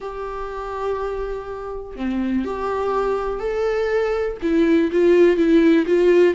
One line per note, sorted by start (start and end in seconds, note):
0.00 1.96 G4
1.96 2.44 C4
2.45 3.39 G4
3.39 4.37 A4
4.41 4.90 E4
4.91 5.36 F4
5.36 5.85 E4
5.86 6.34 F4